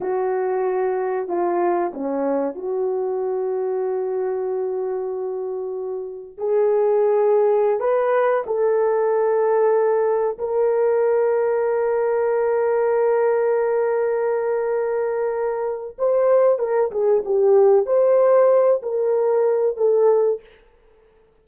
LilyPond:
\new Staff \with { instrumentName = "horn" } { \time 4/4 \tempo 4 = 94 fis'2 f'4 cis'4 | fis'1~ | fis'2 gis'2~ | gis'16 b'4 a'2~ a'8.~ |
a'16 ais'2.~ ais'8.~ | ais'1~ | ais'4 c''4 ais'8 gis'8 g'4 | c''4. ais'4. a'4 | }